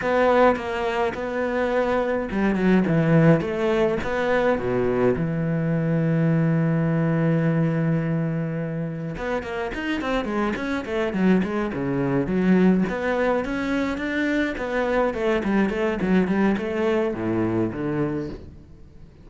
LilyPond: \new Staff \with { instrumentName = "cello" } { \time 4/4 \tempo 4 = 105 b4 ais4 b2 | g8 fis8 e4 a4 b4 | b,4 e2.~ | e1 |
b8 ais8 dis'8 c'8 gis8 cis'8 a8 fis8 | gis8 cis4 fis4 b4 cis'8~ | cis'8 d'4 b4 a8 g8 a8 | fis8 g8 a4 a,4 d4 | }